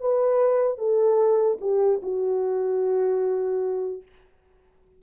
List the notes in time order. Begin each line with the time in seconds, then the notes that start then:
0.00 B4
0.78 A4
1.60 G4
2.02 F#4